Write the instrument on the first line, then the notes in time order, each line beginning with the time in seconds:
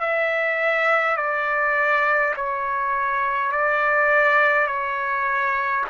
trumpet
0.00 E5
1.17 D5
2.36 C#5
3.52 D5
4.67 C#5